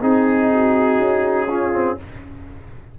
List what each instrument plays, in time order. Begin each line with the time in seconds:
0.00 tuba C4, trombone D#4, horn D#4, trumpet G#4
0.51 horn F#4
0.98 tuba C#4
1.48 trombone C#4, horn F4
1.72 trombone C4